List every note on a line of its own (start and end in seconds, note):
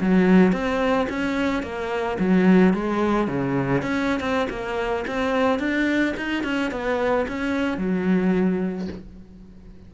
0.00 0.52 F#3
0.52 1.07 C4
1.09 1.62 C#4
1.62 2.17 A#3
2.19 2.73 F#3
2.73 3.27 G#3
3.27 3.82 C#3
3.82 4.20 C#4
4.20 4.47 C4
4.49 5.04 A#3
5.07 5.59 C4
5.59 6.14 D4
6.17 6.43 D#4
6.43 6.71 C#4
6.71 7.26 B3
7.28 7.77 C#4
7.77 8.87 F#3